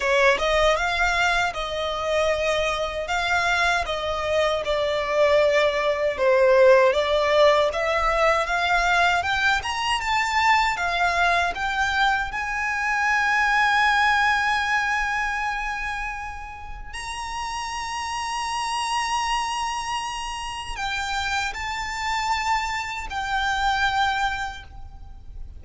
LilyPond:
\new Staff \with { instrumentName = "violin" } { \time 4/4 \tempo 4 = 78 cis''8 dis''8 f''4 dis''2 | f''4 dis''4 d''2 | c''4 d''4 e''4 f''4 | g''8 ais''8 a''4 f''4 g''4 |
gis''1~ | gis''2 ais''2~ | ais''2. g''4 | a''2 g''2 | }